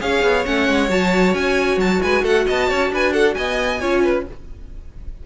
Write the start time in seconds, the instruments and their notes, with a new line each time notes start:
0.00 cello C#4, viola G#4, violin C#5 F5
0.23 cello B3
0.45 cello A3, viola C#4, violin F#5
0.69 cello G#3
0.89 cello F#3, viola F#4, violin A5
1.34 cello C#4, violin G#5
1.77 cello F#3, violin A5
2.02 cello G#3, violin B4 G#5
2.23 cello A3, violin A4 F#5
2.47 cello B3, violin D#5 A5
2.69 cello C#4, violin C#5
2.91 cello D4, violin B4 G#5
3.13 violin A4 F#5
3.34 cello B3, violin D#5 G#5
3.81 cello C#4, viola F4, violin C#5
4.04 violin B4